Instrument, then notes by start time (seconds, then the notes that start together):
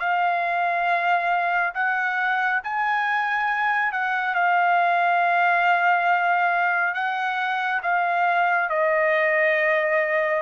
trumpet
0.00 F5
1.75 F#5
2.64 G#5
3.92 F#5
4.35 F5
6.94 F#5
7.83 F5
8.70 D#5